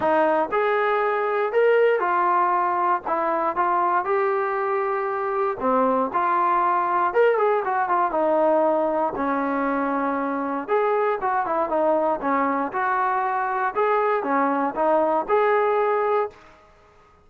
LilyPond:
\new Staff \with { instrumentName = "trombone" } { \time 4/4 \tempo 4 = 118 dis'4 gis'2 ais'4 | f'2 e'4 f'4 | g'2. c'4 | f'2 ais'8 gis'8 fis'8 f'8 |
dis'2 cis'2~ | cis'4 gis'4 fis'8 e'8 dis'4 | cis'4 fis'2 gis'4 | cis'4 dis'4 gis'2 | }